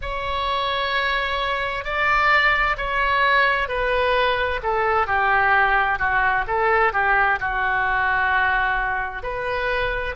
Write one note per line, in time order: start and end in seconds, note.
0.01 1.84 C#5
1.84 2.76 D5
2.77 3.68 C#5
3.68 4.60 B4
4.62 5.06 A4
5.06 5.98 G4
5.98 6.44 F#4
6.47 6.92 A4
6.92 7.38 G4
7.39 9.23 F#4
9.23 10.15 B4